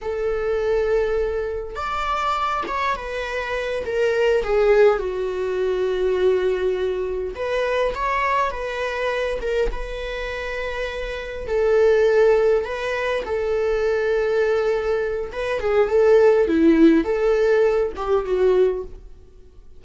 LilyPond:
\new Staff \with { instrumentName = "viola" } { \time 4/4 \tempo 4 = 102 a'2. d''4~ | d''8 cis''8 b'4. ais'4 gis'8~ | gis'8 fis'2.~ fis'8~ | fis'8 b'4 cis''4 b'4. |
ais'8 b'2. a'8~ | a'4. b'4 a'4.~ | a'2 b'8 gis'8 a'4 | e'4 a'4. g'8 fis'4 | }